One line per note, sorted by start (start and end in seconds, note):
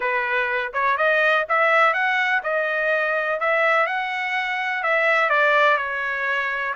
0.00 0.72 B4
0.73 0.97 C#5
0.97 1.45 D#5
1.48 1.93 E5
1.93 2.42 F#5
2.43 3.40 D#5
3.40 3.86 E5
3.86 4.83 F#5
4.83 5.29 E5
5.29 5.77 D5
5.77 6.74 C#5